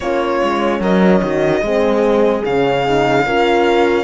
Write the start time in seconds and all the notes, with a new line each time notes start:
0.00 A#3 C#4 F4 C#5
0.43 G#3
0.80 F#3 A#4 D#5
1.22 D#3 F#4
1.61 G#3 C4 G#4
2.44 C#3 C#4 F5
2.84 D#4
3.26 C#4 F4 A#4